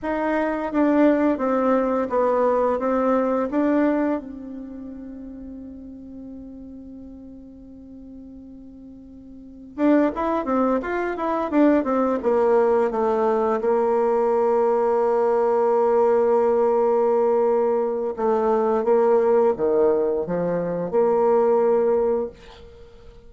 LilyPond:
\new Staff \with { instrumentName = "bassoon" } { \time 4/4 \tempo 4 = 86 dis'4 d'4 c'4 b4 | c'4 d'4 c'2~ | c'1~ | c'2 d'8 e'8 c'8 f'8 |
e'8 d'8 c'8 ais4 a4 ais8~ | ais1~ | ais2 a4 ais4 | dis4 f4 ais2 | }